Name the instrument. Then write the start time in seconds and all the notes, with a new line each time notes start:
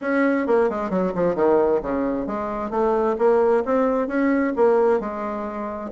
bassoon
0.01 C#4
0.46 A#3
0.69 G#3
0.90 F#3
1.14 F3
1.35 D#3
1.82 C#3
2.26 G#3
2.70 A3
3.18 A#3
3.65 C4
4.07 C#4
4.56 A#3
4.99 G#3